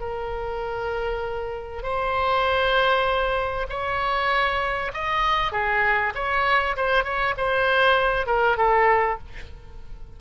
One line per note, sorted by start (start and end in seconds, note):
0.00 1.83 A#4
1.83 3.67 C5
3.69 4.91 C#5
4.93 5.52 D#5
5.52 6.13 G#4
6.15 6.76 C#5
6.76 7.04 C5
7.04 7.34 C#5
7.37 8.27 C5
8.27 8.57 A#4
8.57 9.18 A4